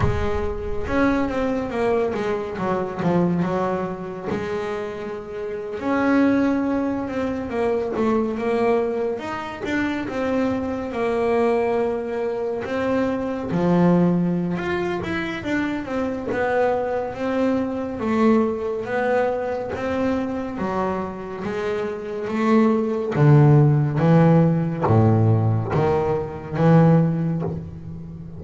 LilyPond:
\new Staff \with { instrumentName = "double bass" } { \time 4/4 \tempo 4 = 70 gis4 cis'8 c'8 ais8 gis8 fis8 f8 | fis4 gis4.~ gis16 cis'4~ cis'16~ | cis'16 c'8 ais8 a8 ais4 dis'8 d'8 c'16~ | c'8. ais2 c'4 f16~ |
f4 f'8 e'8 d'8 c'8 b4 | c'4 a4 b4 c'4 | fis4 gis4 a4 d4 | e4 a,4 dis4 e4 | }